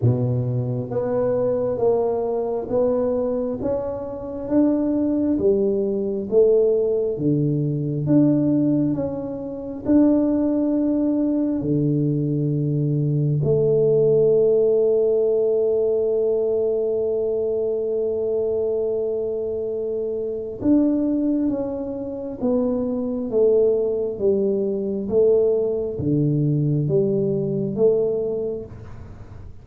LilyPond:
\new Staff \with { instrumentName = "tuba" } { \time 4/4 \tempo 4 = 67 b,4 b4 ais4 b4 | cis'4 d'4 g4 a4 | d4 d'4 cis'4 d'4~ | d'4 d2 a4~ |
a1~ | a2. d'4 | cis'4 b4 a4 g4 | a4 d4 g4 a4 | }